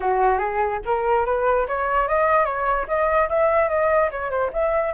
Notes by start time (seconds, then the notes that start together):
0.00 F#4
0.38 G#4
0.85 A#4
1.25 B4
1.67 C#5
2.08 D#5
2.45 C#5
2.87 D#5
3.29 E5
3.68 D#5
4.11 C#5
4.30 C5
4.52 E5